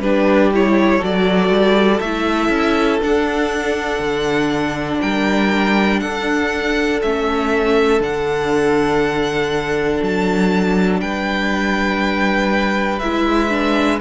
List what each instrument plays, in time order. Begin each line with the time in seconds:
0.00 cello G3, viola D4, violin G4 B4
0.54 viola E4, violin C#5
0.99 cello F#3, viola F#4, violin A4
1.05 violin D5
1.50 cello G3
2.00 cello A3, viola E4, violin E5
2.50 cello C#4
3.01 viola D4, cello D4, violin F#5
4.00 cello D3
5.02 cello G3, violin A#4 G5
6.00 cello D4, violin A4 F#5
7.02 cello A3, viola C#4, violin E5
8.01 cello D3, viola D4, violin F#5
10.03 cello F#3, violin A5
11.01 cello G3, violin B4 G5
13.00 cello G#3, viola E4, violin E5
13.50 viola D4